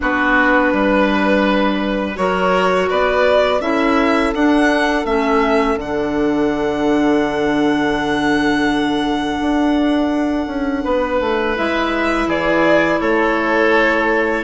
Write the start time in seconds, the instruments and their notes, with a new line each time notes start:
0.00 bassoon B3, clarinet D4, oboe F#4, violin B4
0.72 bassoon G3, oboe B4
2.15 bassoon F#3, clarinet F#4, oboe A#4, violin C#5
2.89 bassoon B3, oboe B4, violin D5
3.60 bassoon C#4, clarinet E4, oboe A4, violin E5
4.34 bassoon D4, clarinet D4, violin F#5
5.05 bassoon A3, clarinet C#4, violin E5
5.76 bassoon D3, clarinet D4, violin F#5
9.41 bassoon D4
10.46 bassoon C#4
10.84 bassoon B3, oboe B4
11.20 bassoon A3
11.56 bassoon G#3, clarinet E4, violin E5
12.26 bassoon E3, oboe G#4, violin D5
13.00 bassoon A3, oboe A4, violin C#5